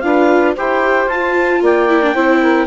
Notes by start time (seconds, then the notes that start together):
0.00 D4 F4 B4 F5
0.55 E4 G4 C5 G5
1.06 F4 A5
1.62 A#3 D5 G5
1.89 E4
2.02 D4
2.14 C4 E4 C5
2.42 A#4